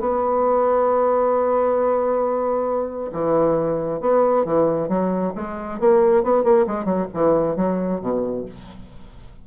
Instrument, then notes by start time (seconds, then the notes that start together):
bassoon
0.00 B3
3.12 E3
4.00 B3
4.44 E3
4.88 F#3
5.35 G#3
5.80 A#3
6.23 B3
6.43 A#3
6.67 G#3
6.84 F#3
7.13 E3
7.56 F#3
8.01 B2